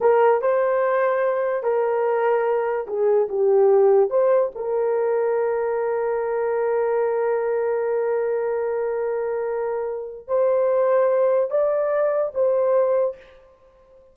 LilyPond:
\new Staff \with { instrumentName = "horn" } { \time 4/4 \tempo 4 = 146 ais'4 c''2. | ais'2. gis'4 | g'2 c''4 ais'4~ | ais'1~ |
ais'1~ | ais'1~ | ais'4 c''2. | d''2 c''2 | }